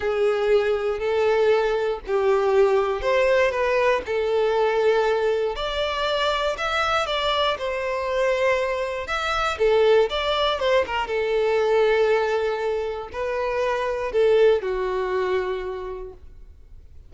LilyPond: \new Staff \with { instrumentName = "violin" } { \time 4/4 \tempo 4 = 119 gis'2 a'2 | g'2 c''4 b'4 | a'2. d''4~ | d''4 e''4 d''4 c''4~ |
c''2 e''4 a'4 | d''4 c''8 ais'8 a'2~ | a'2 b'2 | a'4 fis'2. | }